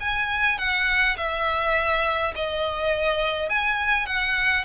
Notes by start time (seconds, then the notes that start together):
0.00 G#5
0.58 F#5
1.17 E5
2.35 D#5
3.49 G#5
4.06 F#5